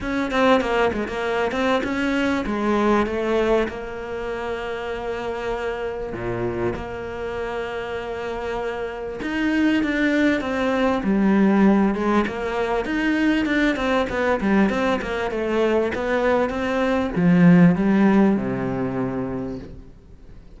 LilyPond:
\new Staff \with { instrumentName = "cello" } { \time 4/4 \tempo 4 = 98 cis'8 c'8 ais8 gis16 ais8. c'8 cis'4 | gis4 a4 ais2~ | ais2 ais,4 ais4~ | ais2. dis'4 |
d'4 c'4 g4. gis8 | ais4 dis'4 d'8 c'8 b8 g8 | c'8 ais8 a4 b4 c'4 | f4 g4 c2 | }